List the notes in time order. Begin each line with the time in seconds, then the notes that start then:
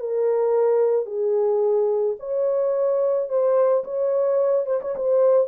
0.00 A#4
1.06 G#4
2.20 C#5
3.29 C5
3.85 C#5
4.67 C5
4.82 C#5
4.96 C5